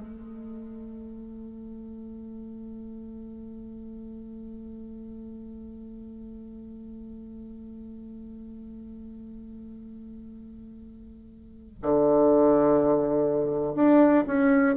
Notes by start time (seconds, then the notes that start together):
0.00 A3
11.83 D3
13.75 D4
14.27 C#4